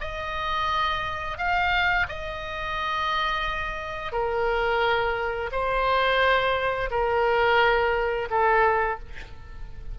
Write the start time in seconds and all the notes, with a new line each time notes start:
0.00 D#5
1.37 F5
2.08 D#5
4.12 A#4
5.51 C5
6.90 A#4
8.30 A4